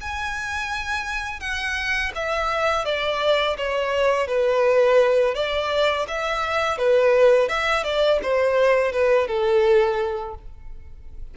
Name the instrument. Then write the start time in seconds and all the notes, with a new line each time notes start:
violin
0.00 G#5
1.40 F#5
2.15 E5
2.85 D5
3.57 C#5
4.27 B4
5.34 D5
6.07 E5
6.78 B4
7.48 E5
7.83 D5
8.22 C5
8.92 B4
9.27 A4